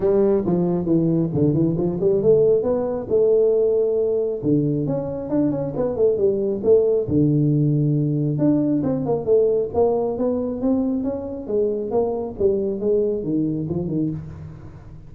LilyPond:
\new Staff \with { instrumentName = "tuba" } { \time 4/4 \tempo 4 = 136 g4 f4 e4 d8 e8 | f8 g8 a4 b4 a4~ | a2 d4 cis'4 | d'8 cis'8 b8 a8 g4 a4 |
d2. d'4 | c'8 ais8 a4 ais4 b4 | c'4 cis'4 gis4 ais4 | g4 gis4 dis4 f8 dis8 | }